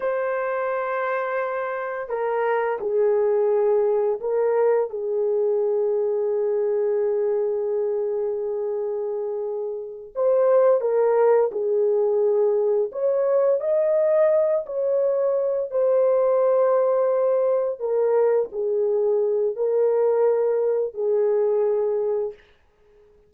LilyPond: \new Staff \with { instrumentName = "horn" } { \time 4/4 \tempo 4 = 86 c''2. ais'4 | gis'2 ais'4 gis'4~ | gis'1~ | gis'2~ gis'8 c''4 ais'8~ |
ais'8 gis'2 cis''4 dis''8~ | dis''4 cis''4. c''4.~ | c''4. ais'4 gis'4. | ais'2 gis'2 | }